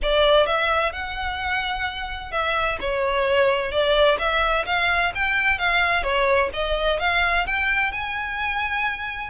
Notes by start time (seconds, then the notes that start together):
0.02 D5
0.46 E5
0.92 F#5
2.31 E5
2.80 C#5
3.71 D5
4.18 E5
4.65 F5
5.14 G5
5.58 F5
6.03 C#5
6.53 D#5
6.99 F5
7.46 G5
7.92 G#5